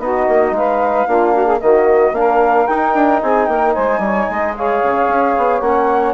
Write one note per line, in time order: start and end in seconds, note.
0.00 0.27 B3
0.00 1.08 D#4
0.00 0.56 F#4
0.00 0.55 D#5
0.29 0.52 A#3
0.52 1.06 G#3
0.52 1.09 B4
0.52 1.61 F5
1.08 1.62 A#3
1.08 1.61 D4
1.08 1.34 F4
1.34 1.46 F#4
1.46 1.59 G#4
1.61 2.13 D#3
1.61 2.14 A#3
1.61 2.15 F#4
1.61 2.15 D#5
2.13 2.67 A#3
2.13 2.68 D4
2.13 3.23 A#4
2.13 2.67 F5
2.67 2.95 D#4
2.67 4.58 D#4
2.67 3.21 G5
2.95 3.21 D4
3.23 3.48 C4
3.23 3.48 G#4
3.23 3.46 G#5
3.46 3.75 A#3
3.46 3.74 A#4
3.46 3.73 G5
3.74 3.99 G#3
3.74 4.01 C5
3.74 4.55 G#5
3.99 4.26 G3
3.99 4.31 C#5
4.30 4.83 G#3
4.30 4.57 D#5
4.57 5.63 G#4
4.57 6.15 C#5
4.57 5.61 F5
4.83 5.08 C#3
5.08 5.35 C#4
5.38 5.61 B3
5.61 6.15 A#3
5.61 6.15 C#4
5.61 6.14 F#5